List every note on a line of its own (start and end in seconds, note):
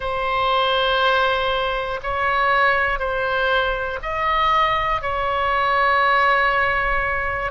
0.00 2.00 C5
2.03 2.99 C#5
2.99 3.99 C5
4.02 5.01 D#5
5.01 7.51 C#5